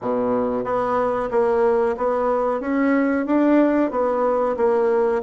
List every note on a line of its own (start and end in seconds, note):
0.01 0.64 B2
0.64 1.29 B3
1.30 1.96 A#3
1.97 2.60 B3
2.60 3.25 C#4
3.26 3.90 D4
3.90 4.56 B3
4.57 5.22 A#3